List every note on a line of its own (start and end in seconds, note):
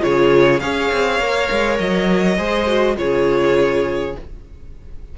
0.00 0.61 C#3
0.00 0.59 F4
0.00 0.62 G#4
0.00 0.59 C#5
0.59 0.90 C#4
0.59 1.20 G#4
0.59 2.37 C#5
0.59 1.77 F5
0.92 1.19 C4
1.19 1.49 A#3
1.19 2.38 A#4
1.51 1.79 G#3
1.79 2.38 F#3
1.79 2.96 D#5
2.37 2.97 G#3
2.37 2.67 G#4
2.37 2.96 C5
2.67 2.96 F#4
2.96 4.15 C#3
2.96 4.13 F4
2.96 4.17 G#4
2.96 4.15 C#5